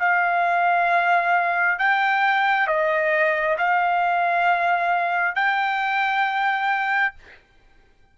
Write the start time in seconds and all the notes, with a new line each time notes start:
0.00 F5
1.79 G5
2.68 D#5
3.58 F5
5.35 G5